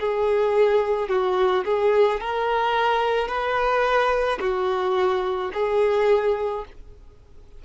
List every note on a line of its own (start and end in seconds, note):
0.00 1.09 G#4
1.09 1.65 F#4
1.65 2.20 G#4
2.21 3.28 A#4
3.28 4.39 B4
4.40 5.52 F#4
5.54 6.65 G#4